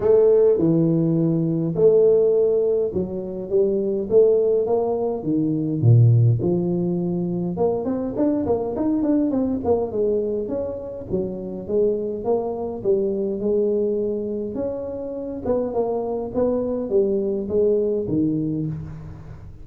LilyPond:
\new Staff \with { instrumentName = "tuba" } { \time 4/4 \tempo 4 = 103 a4 e2 a4~ | a4 fis4 g4 a4 | ais4 dis4 ais,4 f4~ | f4 ais8 c'8 d'8 ais8 dis'8 d'8 |
c'8 ais8 gis4 cis'4 fis4 | gis4 ais4 g4 gis4~ | gis4 cis'4. b8 ais4 | b4 g4 gis4 dis4 | }